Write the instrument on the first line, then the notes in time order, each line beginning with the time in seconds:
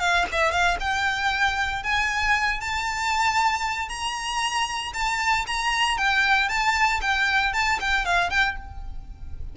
violin
0.00 F5
0.32 E5
0.52 F5
0.80 G5
1.84 G#5
2.61 A5
3.89 A#5
4.94 A5
5.47 A#5
5.98 G5
6.49 A5
7.02 G5
7.54 A5
7.80 G5
8.05 F5
8.30 G5